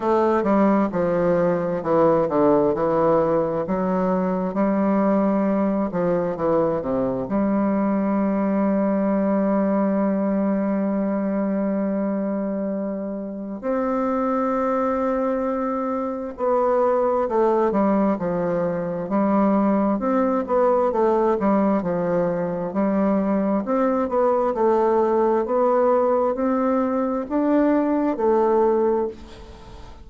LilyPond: \new Staff \with { instrumentName = "bassoon" } { \time 4/4 \tempo 4 = 66 a8 g8 f4 e8 d8 e4 | fis4 g4. f8 e8 c8 | g1~ | g2. c'4~ |
c'2 b4 a8 g8 | f4 g4 c'8 b8 a8 g8 | f4 g4 c'8 b8 a4 | b4 c'4 d'4 a4 | }